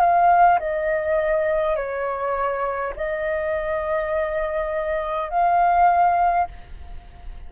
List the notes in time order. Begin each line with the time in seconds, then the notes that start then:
0.00 F5
0.59 D#5
1.76 C#5
2.96 D#5
5.30 F5